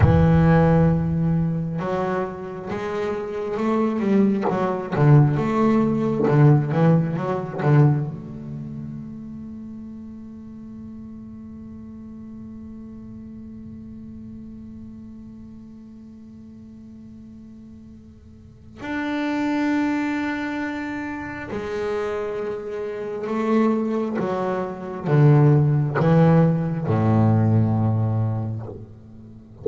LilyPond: \new Staff \with { instrumentName = "double bass" } { \time 4/4 \tempo 4 = 67 e2 fis4 gis4 | a8 g8 fis8 d8 a4 d8 e8 | fis8 d8 a2.~ | a1~ |
a1~ | a4 d'2. | gis2 a4 fis4 | d4 e4 a,2 | }